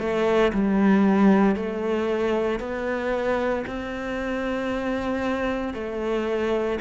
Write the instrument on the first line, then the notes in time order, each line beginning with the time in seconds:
cello
0.00 A3
0.53 G3
1.56 A3
2.60 B3
3.67 C4
5.75 A3